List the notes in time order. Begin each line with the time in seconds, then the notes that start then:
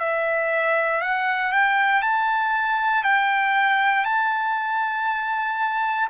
0.00 E5
1.02 F#5
1.53 G5
2.02 A5
3.04 G5
4.05 A5